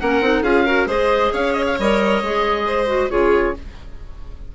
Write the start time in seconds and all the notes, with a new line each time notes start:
0.00 A#3 C#4 A#4 F#5
0.20 C4 D#4
0.42 C#4 F4 G#4 F5
0.65 F#4 A#4
0.86 G#3 G#4 C5 D#5
1.32 C#4 C#5 F5
1.53 D#5
1.67 F5
1.79 G3 A#4 D#5
2.23 G#3 G#4
2.66 C5
2.87 F#4
3.10 C#3 F4 G#4 C#5